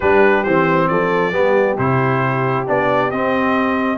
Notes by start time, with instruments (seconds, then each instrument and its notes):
0.00 tuba G3, trombone D4, horn G4, trumpet B4
0.43 tuba E3, trombone C4, trumpet C5
0.88 tuba F3, horn A4, trumpet D5
1.31 tuba G3, trombone B3, horn G4
1.77 tuba C3, trombone E4, trumpet C5
2.66 tuba B3, trombone D4, trumpet D5
3.10 tuba C4, trombone C4, trumpet D#5